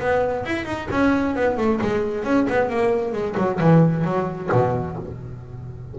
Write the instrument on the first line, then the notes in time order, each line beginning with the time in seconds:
double bass
0.00 B3
0.46 E4
0.66 D#4
0.91 C#4
1.36 B3
1.58 A3
1.82 G#3
2.24 C#4
2.49 B3
2.70 A#3
3.13 G#3
3.37 F#3
3.61 E3
4.05 F#3
4.52 B2